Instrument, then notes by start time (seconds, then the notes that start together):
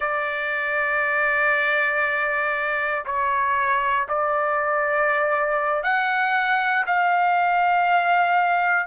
trumpet
0.00 D5
3.05 C#5
4.08 D5
5.82 F#5
6.86 F5